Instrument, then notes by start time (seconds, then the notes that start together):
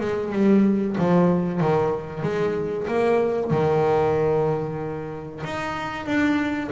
double bass
0.00 G#3
0.32 G3
0.97 F3
1.60 D#3
2.22 G#3
2.87 A#3
3.50 D#3
5.44 D#4
6.06 D4